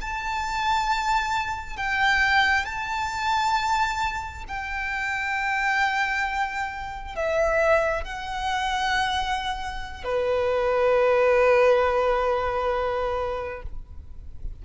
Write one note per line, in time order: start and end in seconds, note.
0.00 1.76 A5
1.76 2.65 G5
2.65 4.44 A5
4.47 7.15 G5
7.15 8.04 E5
8.04 10.03 F#5
10.03 13.62 B4